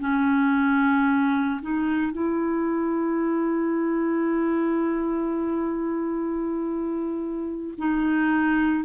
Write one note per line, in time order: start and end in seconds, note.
0.00 1.61 C#4
1.62 2.12 D#4
2.12 7.75 E4
7.78 8.85 D#4